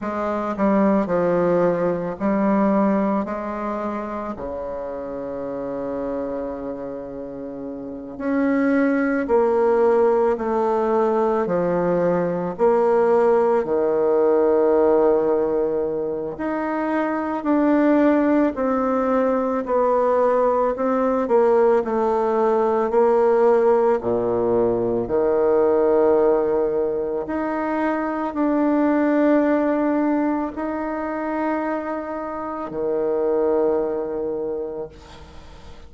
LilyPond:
\new Staff \with { instrumentName = "bassoon" } { \time 4/4 \tempo 4 = 55 gis8 g8 f4 g4 gis4 | cis2.~ cis8 cis'8~ | cis'8 ais4 a4 f4 ais8~ | ais8 dis2~ dis8 dis'4 |
d'4 c'4 b4 c'8 ais8 | a4 ais4 ais,4 dis4~ | dis4 dis'4 d'2 | dis'2 dis2 | }